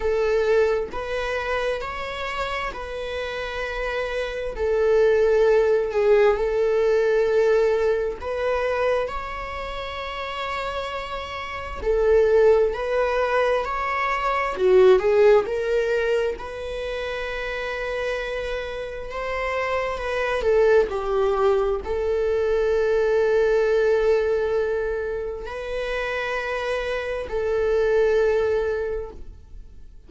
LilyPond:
\new Staff \with { instrumentName = "viola" } { \time 4/4 \tempo 4 = 66 a'4 b'4 cis''4 b'4~ | b'4 a'4. gis'8 a'4~ | a'4 b'4 cis''2~ | cis''4 a'4 b'4 cis''4 |
fis'8 gis'8 ais'4 b'2~ | b'4 c''4 b'8 a'8 g'4 | a'1 | b'2 a'2 | }